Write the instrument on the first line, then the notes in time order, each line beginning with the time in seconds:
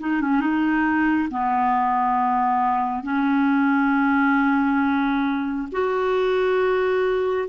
clarinet
0.00 D#4
0.21 C#4
0.41 D#4
1.31 B3
3.04 C#4
5.72 F#4